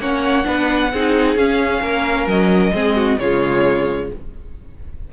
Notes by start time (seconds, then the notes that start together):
0.00 A#3 C#4 C#5 F#5
0.44 B3 D4 B4
0.93 C4 D#4 G#4
1.36 C#4 F5
1.82 A#3 A#4
2.27 F#3 D#5
2.73 G#3 C4 G#4
2.96 F#4
3.19 C#3 G#3 F4 C#5